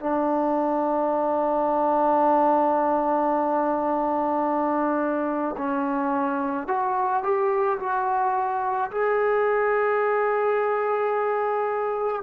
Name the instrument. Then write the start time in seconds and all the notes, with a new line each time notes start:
trombone
0.00 D4
5.58 C#4
6.68 F#4
7.23 G4
7.80 F#4
8.91 G#4